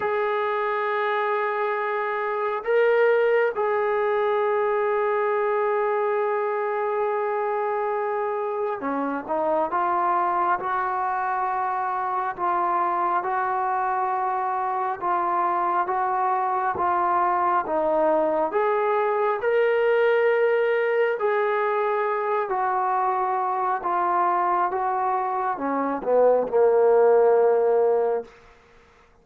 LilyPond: \new Staff \with { instrumentName = "trombone" } { \time 4/4 \tempo 4 = 68 gis'2. ais'4 | gis'1~ | gis'2 cis'8 dis'8 f'4 | fis'2 f'4 fis'4~ |
fis'4 f'4 fis'4 f'4 | dis'4 gis'4 ais'2 | gis'4. fis'4. f'4 | fis'4 cis'8 b8 ais2 | }